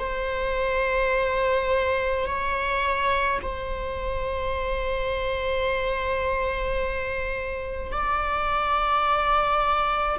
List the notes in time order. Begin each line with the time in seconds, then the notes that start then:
0.00 C5
2.26 C#5
3.43 C5
7.92 D5